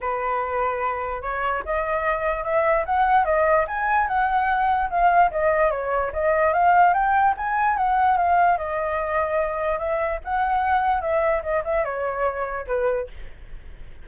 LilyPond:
\new Staff \with { instrumentName = "flute" } { \time 4/4 \tempo 4 = 147 b'2. cis''4 | dis''2 e''4 fis''4 | dis''4 gis''4 fis''2 | f''4 dis''4 cis''4 dis''4 |
f''4 g''4 gis''4 fis''4 | f''4 dis''2. | e''4 fis''2 e''4 | dis''8 e''8 cis''2 b'4 | }